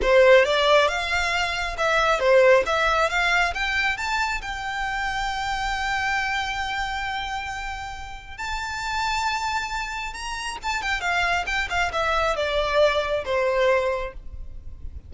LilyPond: \new Staff \with { instrumentName = "violin" } { \time 4/4 \tempo 4 = 136 c''4 d''4 f''2 | e''4 c''4 e''4 f''4 | g''4 a''4 g''2~ | g''1~ |
g''2. a''4~ | a''2. ais''4 | a''8 g''8 f''4 g''8 f''8 e''4 | d''2 c''2 | }